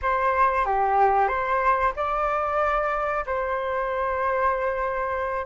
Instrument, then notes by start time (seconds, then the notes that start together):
flute
0.02 C5
0.65 G4
1.28 C5
1.95 D5
3.26 C5